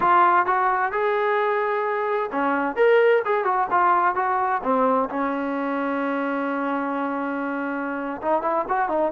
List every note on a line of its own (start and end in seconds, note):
0.00 0.46 F4
0.46 0.91 F#4
0.91 2.30 G#4
2.31 2.76 C#4
2.76 3.22 A#4
3.25 3.44 G#4
3.44 3.67 F#4
3.70 4.15 F4
4.15 4.61 F#4
4.63 5.09 C4
5.09 8.21 C#4
8.21 8.41 D#4
8.41 8.65 E4
8.68 8.88 F#4
8.88 9.12 D#4